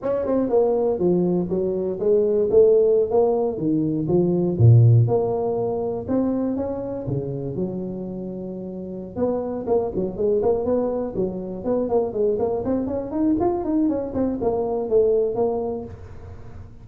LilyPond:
\new Staff \with { instrumentName = "tuba" } { \time 4/4 \tempo 4 = 121 cis'8 c'8 ais4 f4 fis4 | gis4 a4~ a16 ais4 dis8.~ | dis16 f4 ais,4 ais4.~ ais16~ | ais16 c'4 cis'4 cis4 fis8.~ |
fis2~ fis8 b4 ais8 | fis8 gis8 ais8 b4 fis4 b8 | ais8 gis8 ais8 c'8 cis'8 dis'8 f'8 dis'8 | cis'8 c'8 ais4 a4 ais4 | }